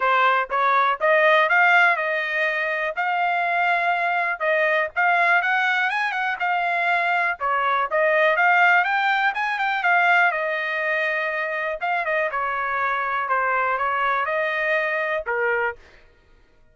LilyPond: \new Staff \with { instrumentName = "trumpet" } { \time 4/4 \tempo 4 = 122 c''4 cis''4 dis''4 f''4 | dis''2 f''2~ | f''4 dis''4 f''4 fis''4 | gis''8 fis''8 f''2 cis''4 |
dis''4 f''4 g''4 gis''8 g''8 | f''4 dis''2. | f''8 dis''8 cis''2 c''4 | cis''4 dis''2 ais'4 | }